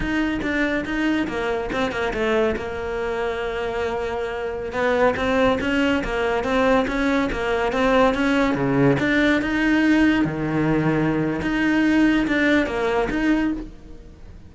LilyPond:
\new Staff \with { instrumentName = "cello" } { \time 4/4 \tempo 4 = 142 dis'4 d'4 dis'4 ais4 | c'8 ais8 a4 ais2~ | ais2.~ ais16 b8.~ | b16 c'4 cis'4 ais4 c'8.~ |
c'16 cis'4 ais4 c'4 cis'8.~ | cis'16 cis4 d'4 dis'4.~ dis'16~ | dis'16 dis2~ dis8. dis'4~ | dis'4 d'4 ais4 dis'4 | }